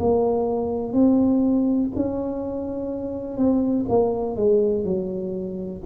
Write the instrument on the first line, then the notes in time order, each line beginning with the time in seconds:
tuba
0.00 A#3
0.93 C4
1.96 C#4
3.38 C4
3.89 A#3
4.36 G#3
4.85 F#3